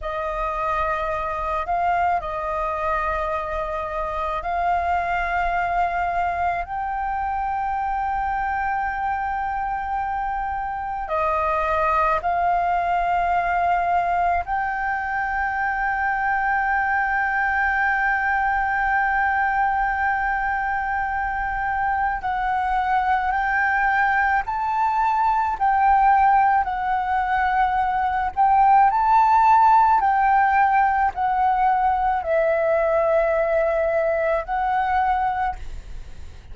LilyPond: \new Staff \with { instrumentName = "flute" } { \time 4/4 \tempo 4 = 54 dis''4. f''8 dis''2 | f''2 g''2~ | g''2 dis''4 f''4~ | f''4 g''2.~ |
g''1 | fis''4 g''4 a''4 g''4 | fis''4. g''8 a''4 g''4 | fis''4 e''2 fis''4 | }